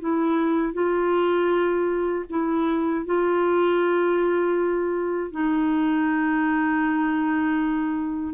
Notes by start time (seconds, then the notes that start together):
0.00 E4
0.73 F4
2.30 E4
3.06 F4
5.31 D#4